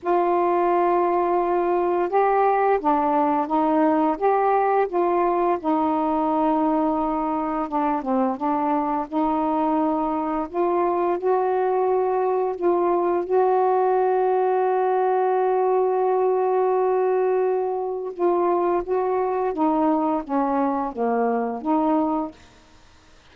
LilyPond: \new Staff \with { instrumentName = "saxophone" } { \time 4/4 \tempo 4 = 86 f'2. g'4 | d'4 dis'4 g'4 f'4 | dis'2. d'8 c'8 | d'4 dis'2 f'4 |
fis'2 f'4 fis'4~ | fis'1~ | fis'2 f'4 fis'4 | dis'4 cis'4 ais4 dis'4 | }